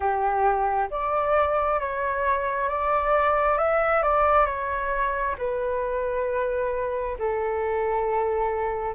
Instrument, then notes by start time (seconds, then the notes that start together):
flute
0.00 G4
0.90 D5
1.80 C#5
2.69 D5
3.58 E5
4.02 D5
4.45 C#5
5.37 B4
7.18 A4